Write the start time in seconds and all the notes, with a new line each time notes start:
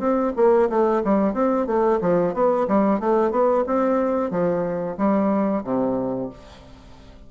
0.00 C4
0.36 A#3
0.70 A3
1.04 G3
1.34 C4
1.67 A3
2.01 F3
2.34 B3
2.68 G3
3.00 A3
3.31 B3
3.67 C4
4.31 F3
4.98 G3
5.64 C3